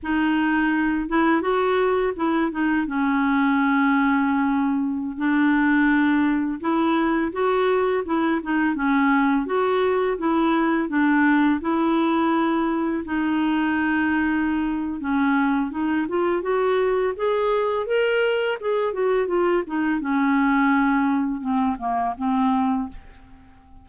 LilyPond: \new Staff \with { instrumentName = "clarinet" } { \time 4/4 \tempo 4 = 84 dis'4. e'8 fis'4 e'8 dis'8 | cis'2.~ cis'16 d'8.~ | d'4~ d'16 e'4 fis'4 e'8 dis'16~ | dis'16 cis'4 fis'4 e'4 d'8.~ |
d'16 e'2 dis'4.~ dis'16~ | dis'4 cis'4 dis'8 f'8 fis'4 | gis'4 ais'4 gis'8 fis'8 f'8 dis'8 | cis'2 c'8 ais8 c'4 | }